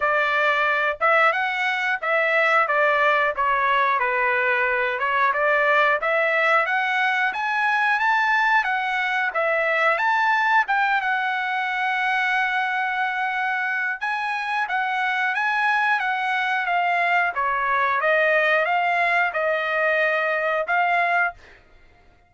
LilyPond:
\new Staff \with { instrumentName = "trumpet" } { \time 4/4 \tempo 4 = 90 d''4. e''8 fis''4 e''4 | d''4 cis''4 b'4. cis''8 | d''4 e''4 fis''4 gis''4 | a''4 fis''4 e''4 a''4 |
g''8 fis''2.~ fis''8~ | fis''4 gis''4 fis''4 gis''4 | fis''4 f''4 cis''4 dis''4 | f''4 dis''2 f''4 | }